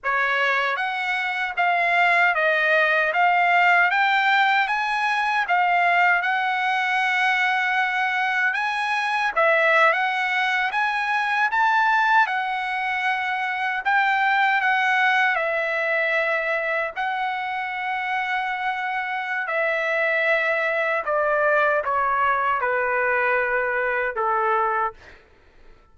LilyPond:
\new Staff \with { instrumentName = "trumpet" } { \time 4/4 \tempo 4 = 77 cis''4 fis''4 f''4 dis''4 | f''4 g''4 gis''4 f''4 | fis''2. gis''4 | e''8. fis''4 gis''4 a''4 fis''16~ |
fis''4.~ fis''16 g''4 fis''4 e''16~ | e''4.~ e''16 fis''2~ fis''16~ | fis''4 e''2 d''4 | cis''4 b'2 a'4 | }